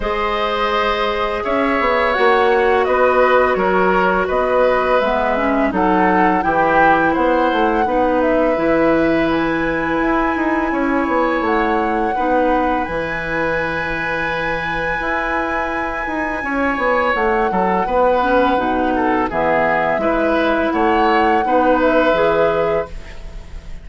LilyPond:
<<
  \new Staff \with { instrumentName = "flute" } { \time 4/4 \tempo 4 = 84 dis''2 e''4 fis''4 | dis''4 cis''4 dis''4 e''4 | fis''4 g''4 fis''4. e''8~ | e''4 gis''2. |
fis''2 gis''2~ | gis''1 | fis''2. e''4~ | e''4 fis''4. e''4. | }
  \new Staff \with { instrumentName = "oboe" } { \time 4/4 c''2 cis''2 | b'4 ais'4 b'2 | a'4 g'4 c''4 b'4~ | b'2. cis''4~ |
cis''4 b'2.~ | b'2. cis''4~ | cis''8 a'8 b'4. a'8 gis'4 | b'4 cis''4 b'2 | }
  \new Staff \with { instrumentName = "clarinet" } { \time 4/4 gis'2. fis'4~ | fis'2. b8 cis'8 | dis'4 e'2 dis'4 | e'1~ |
e'4 dis'4 e'2~ | e'1~ | e'4. cis'8 dis'4 b4 | e'2 dis'4 gis'4 | }
  \new Staff \with { instrumentName = "bassoon" } { \time 4/4 gis2 cis'8 b8 ais4 | b4 fis4 b4 gis4 | fis4 e4 b8 a8 b4 | e2 e'8 dis'8 cis'8 b8 |
a4 b4 e2~ | e4 e'4. dis'8 cis'8 b8 | a8 fis8 b4 b,4 e4 | gis4 a4 b4 e4 | }
>>